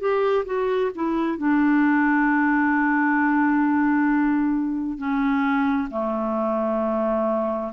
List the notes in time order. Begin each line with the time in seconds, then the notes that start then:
0.00 G4
0.46 F#4
0.95 E4
1.38 D4
4.98 C#4
5.91 A3